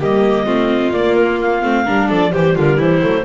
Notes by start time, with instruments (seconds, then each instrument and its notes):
0.00 double bass G3, viola A#3, violin G4, clarinet D#5
0.46 double bass A3, viola C4, violin F4
0.93 double bass A#3, viola A#3, clarinet D5
1.16 clarinet A#4
1.41 clarinet F5
1.63 double bass A3, viola C4
1.85 double bass G3, viola D4, violin A#4
2.09 double bass F3, violin A4, clarinet D5
2.32 double bass E3, viola G3, violin G4, clarinet C5
2.56 double bass D3, violin F4, clarinet A#4
2.77 double bass E3, violin E4, clarinet C5
3.02 double bass F#3, viola A3